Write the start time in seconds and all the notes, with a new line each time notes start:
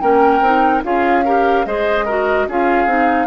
0.00 A#3 C#4 A#4 G5
0.41 C4 D#4
0.83 C#4 F4 G#4 F5
1.25 G4 A#4
1.66 G#3 G#4 C5 D#5
2.05 F#4 A#4
2.48 C#4 F4 G#4 F5
2.86 C4 D#4